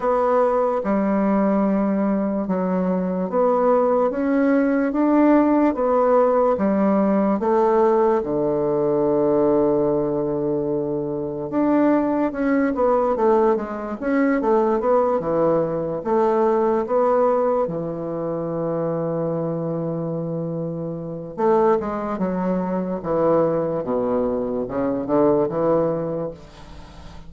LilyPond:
\new Staff \with { instrumentName = "bassoon" } { \time 4/4 \tempo 4 = 73 b4 g2 fis4 | b4 cis'4 d'4 b4 | g4 a4 d2~ | d2 d'4 cis'8 b8 |
a8 gis8 cis'8 a8 b8 e4 a8~ | a8 b4 e2~ e8~ | e2 a8 gis8 fis4 | e4 b,4 cis8 d8 e4 | }